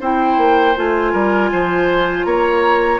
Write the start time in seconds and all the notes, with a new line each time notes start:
0.00 C4 E4 C5 G5
0.37 A#3
0.76 A3 F4 G#5
1.12 G3 A#4
1.52 F3 C5
2.24 A#3 C#5 A#5